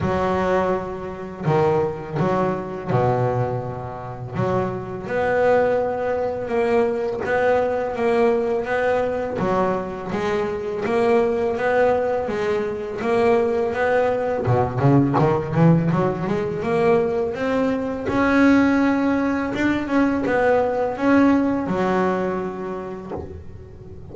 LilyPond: \new Staff \with { instrumentName = "double bass" } { \time 4/4 \tempo 4 = 83 fis2 dis4 fis4 | b,2 fis4 b4~ | b4 ais4 b4 ais4 | b4 fis4 gis4 ais4 |
b4 gis4 ais4 b4 | b,8 cis8 dis8 e8 fis8 gis8 ais4 | c'4 cis'2 d'8 cis'8 | b4 cis'4 fis2 | }